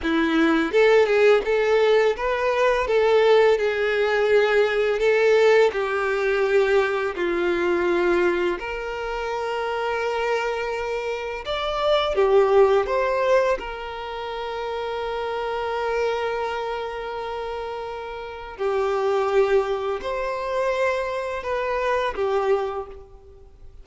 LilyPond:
\new Staff \with { instrumentName = "violin" } { \time 4/4 \tempo 4 = 84 e'4 a'8 gis'8 a'4 b'4 | a'4 gis'2 a'4 | g'2 f'2 | ais'1 |
d''4 g'4 c''4 ais'4~ | ais'1~ | ais'2 g'2 | c''2 b'4 g'4 | }